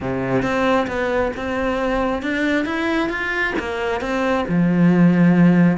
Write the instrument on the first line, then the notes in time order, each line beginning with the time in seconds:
cello
0.00 C3
0.42 C4
0.87 B3
1.36 C4
2.22 D4
2.65 E4
3.09 F4
3.59 A#3
4.01 C4
4.48 F3